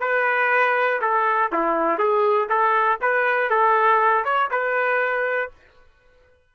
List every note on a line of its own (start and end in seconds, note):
0.00 1.00 B4
1.01 1.51 A4
1.52 1.99 E4
1.99 2.49 G#4
2.49 2.99 A4
3.01 3.50 B4
3.50 4.25 A4
4.25 4.50 C#5
4.51 5.51 B4